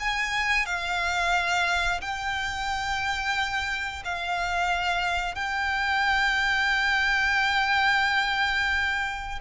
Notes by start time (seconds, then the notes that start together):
0.00 G#5
0.66 F5
2.01 G5
4.05 F5
5.35 G5